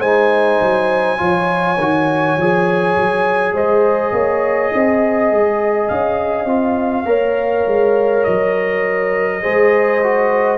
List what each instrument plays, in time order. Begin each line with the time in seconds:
0.00 tuba G#3, trombone D#4, horn C5, trumpet G#5
0.61 tuba F#3
1.18 tuba F3, trombone F4, horn C#5
1.78 tuba D#3, trombone F#4
2.37 tuba F3, trombone G#4
2.97 tuba F#3
3.53 tuba G#3, horn C5, trumpet D#5
4.12 tuba A#3, horn C#5
4.74 tuba C4, horn D#5
5.31 tuba G#3
5.88 tuba C#4, trumpet F5
6.45 tuba C4, trombone F4
7.06 tuba A#3, trombone A#4, horn C#5
7.67 tuba G#3
8.24 tuba F#3, trumpet D#5
9.42 tuba G#3, trombone G#4, horn C5
10.03 trombone F#4